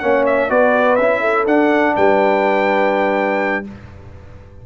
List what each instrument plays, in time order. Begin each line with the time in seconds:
0.00 tuba A#3, trombone C#4, horn C#5, trumpet F#5
0.26 trumpet E5
0.49 tuba B3, trombone F#4, horn B4, trumpet D5
0.96 tuba C#4, trombone E4, trumpet E5
1.21 horn A4
1.46 tuba D4, trombone D4, trumpet F#5
1.96 tuba G3, horn B4, trumpet G5